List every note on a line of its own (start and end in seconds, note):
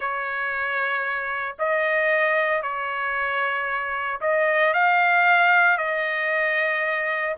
0.00 1.56 C#5
1.58 2.62 D#5
2.62 4.20 C#5
4.20 4.73 D#5
4.73 5.77 F5
5.77 7.35 D#5